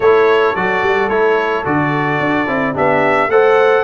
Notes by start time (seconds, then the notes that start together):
0.00 A3 E4 A4 C#5
0.55 F#3 F#4 D5
0.82 G3
1.08 A3 E4 C#5
1.64 D3 F#4 D5
2.19 D4
2.47 C4 E4
2.74 B3 D4 G4 E5
3.28 A3 A4 C5 F#5